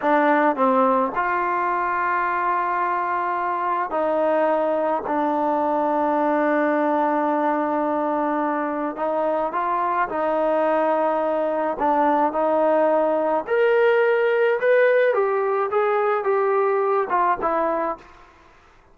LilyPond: \new Staff \with { instrumentName = "trombone" } { \time 4/4 \tempo 4 = 107 d'4 c'4 f'2~ | f'2. dis'4~ | dis'4 d'2.~ | d'1 |
dis'4 f'4 dis'2~ | dis'4 d'4 dis'2 | ais'2 b'4 g'4 | gis'4 g'4. f'8 e'4 | }